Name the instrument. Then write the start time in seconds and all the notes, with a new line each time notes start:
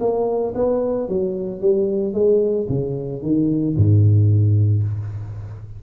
tuba
0.00 A#3
0.55 B3
1.08 F#3
1.61 G3
2.14 G#3
2.69 C#3
3.22 D#3
3.76 G#2